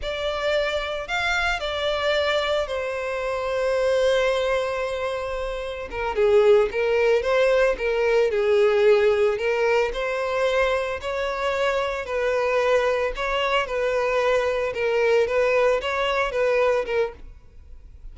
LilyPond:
\new Staff \with { instrumentName = "violin" } { \time 4/4 \tempo 4 = 112 d''2 f''4 d''4~ | d''4 c''2.~ | c''2. ais'8 gis'8~ | gis'8 ais'4 c''4 ais'4 gis'8~ |
gis'4. ais'4 c''4.~ | c''8 cis''2 b'4.~ | b'8 cis''4 b'2 ais'8~ | ais'8 b'4 cis''4 b'4 ais'8 | }